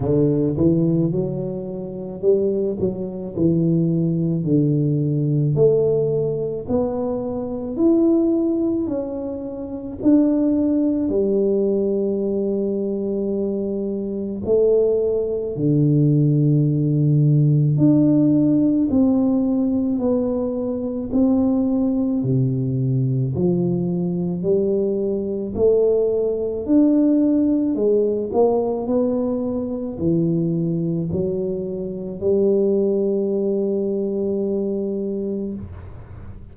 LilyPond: \new Staff \with { instrumentName = "tuba" } { \time 4/4 \tempo 4 = 54 d8 e8 fis4 g8 fis8 e4 | d4 a4 b4 e'4 | cis'4 d'4 g2~ | g4 a4 d2 |
d'4 c'4 b4 c'4 | c4 f4 g4 a4 | d'4 gis8 ais8 b4 e4 | fis4 g2. | }